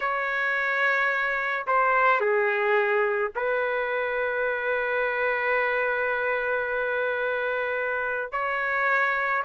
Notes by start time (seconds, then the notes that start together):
0.00 C#5
1.67 C5
2.20 G#4
3.35 B4
8.32 C#5